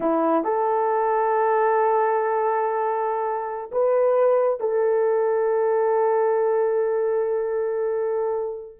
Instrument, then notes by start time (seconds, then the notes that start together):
horn
0.00 E4
0.43 A4
3.71 B4
4.60 A4